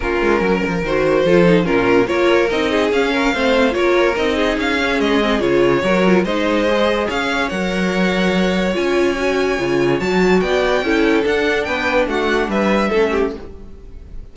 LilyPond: <<
  \new Staff \with { instrumentName = "violin" } { \time 4/4 \tempo 4 = 144 ais'2 c''2 | ais'4 cis''4 dis''4 f''4~ | f''4 cis''4 dis''4 f''4 | dis''4 cis''2 dis''4~ |
dis''4 f''4 fis''2~ | fis''4 gis''2. | a''4 g''2 fis''4 | g''4 fis''4 e''2 | }
  \new Staff \with { instrumentName = "violin" } { \time 4/4 f'4 ais'2 a'4 | f'4 ais'4. gis'4 ais'8 | c''4 ais'4. gis'4.~ | gis'2 ais'4 c''4~ |
c''4 cis''2.~ | cis''1~ | cis''4 d''4 a'2 | b'4 fis'4 b'4 a'8 g'8 | }
  \new Staff \with { instrumentName = "viola" } { \time 4/4 cis'2 fis'4 f'8 dis'8 | cis'4 f'4 dis'4 cis'4 | c'4 f'4 dis'4. cis'8~ | cis'8 c'8 f'4 fis'8 f'8 dis'4 |
gis'2 ais'2~ | ais'4 f'4 fis'4 f'4 | fis'2 e'4 d'4~ | d'2. cis'4 | }
  \new Staff \with { instrumentName = "cello" } { \time 4/4 ais8 gis8 fis8 f8 dis4 f4 | ais,4 ais4 c'4 cis'4 | a4 ais4 c'4 cis'4 | gis4 cis4 fis4 gis4~ |
gis4 cis'4 fis2~ | fis4 cis'2 cis4 | fis4 b4 cis'4 d'4 | b4 a4 g4 a4 | }
>>